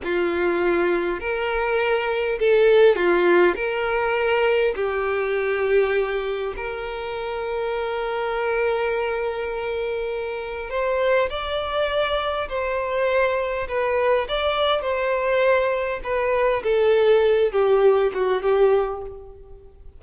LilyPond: \new Staff \with { instrumentName = "violin" } { \time 4/4 \tempo 4 = 101 f'2 ais'2 | a'4 f'4 ais'2 | g'2. ais'4~ | ais'1~ |
ais'2 c''4 d''4~ | d''4 c''2 b'4 | d''4 c''2 b'4 | a'4. g'4 fis'8 g'4 | }